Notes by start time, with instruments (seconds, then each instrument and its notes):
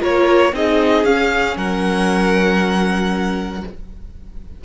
0.00 cello A#3, viola F4, violin A#4 C#5
0.53 cello C4, viola D#4, violin G#4 D#5
1.04 cello C#4, viola C#4, violin F5
1.57 cello F#3, violin A#4 F#5